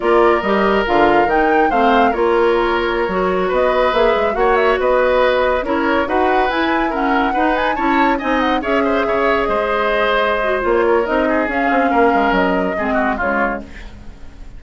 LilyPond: <<
  \new Staff \with { instrumentName = "flute" } { \time 4/4 \tempo 4 = 141 d''4 dis''4 f''4 g''4 | f''4 cis''2.~ | cis''16 dis''4 e''4 fis''8 e''8 dis''8.~ | dis''4~ dis''16 cis''4 fis''4 gis''8.~ |
gis''16 fis''4. gis''8 a''4 gis''8 fis''16~ | fis''16 e''2 dis''4.~ dis''16~ | dis''4 cis''4 dis''4 f''4~ | f''4 dis''2 cis''4 | }
  \new Staff \with { instrumentName = "oboe" } { \time 4/4 ais'1 | c''4 ais'2.~ | ais'16 b'2 cis''4 b'8.~ | b'4~ b'16 ais'4 b'4.~ b'16~ |
b'16 ais'4 b'4 cis''4 dis''8.~ | dis''16 cis''8 c''8 cis''4 c''4.~ c''16~ | c''4. ais'4 gis'4. | ais'2 gis'8 fis'8 f'4 | }
  \new Staff \with { instrumentName = "clarinet" } { \time 4/4 f'4 g'4 f'4 dis'4 | c'4 f'2~ f'16 fis'8.~ | fis'4~ fis'16 gis'4 fis'4.~ fis'16~ | fis'4~ fis'16 e'4 fis'4 e'8.~ |
e'16 cis'4 dis'4 e'4 dis'8.~ | dis'16 gis'2.~ gis'8.~ | gis'8 fis'8 f'4 dis'4 cis'4~ | cis'2 c'4 gis4 | }
  \new Staff \with { instrumentName = "bassoon" } { \time 4/4 ais4 g4 d4 dis4 | a4 ais2~ ais16 fis8.~ | fis16 b4 ais8 gis8 ais4 b8.~ | b4~ b16 cis'4 dis'4 e'8.~ |
e'4~ e'16 dis'4 cis'4 c'8.~ | c'16 cis'4 cis4 gis4.~ gis16~ | gis4 ais4 c'4 cis'8 c'8 | ais8 gis8 fis4 gis4 cis4 | }
>>